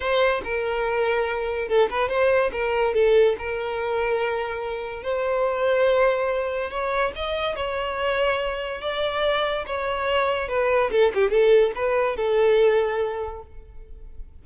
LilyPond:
\new Staff \with { instrumentName = "violin" } { \time 4/4 \tempo 4 = 143 c''4 ais'2. | a'8 b'8 c''4 ais'4 a'4 | ais'1 | c''1 |
cis''4 dis''4 cis''2~ | cis''4 d''2 cis''4~ | cis''4 b'4 a'8 g'8 a'4 | b'4 a'2. | }